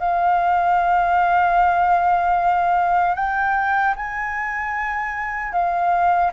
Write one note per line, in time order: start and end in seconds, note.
0.00 3.16 F5
3.16 3.95 G5
3.97 5.53 G#5
5.53 6.32 F5